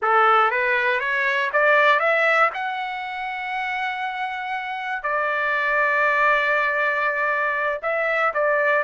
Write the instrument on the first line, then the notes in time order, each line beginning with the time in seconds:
trumpet
0.02 A4
0.50 B4
0.99 C#5
1.52 D5
1.99 E5
2.54 F#5
5.02 D5
7.82 E5
8.33 D5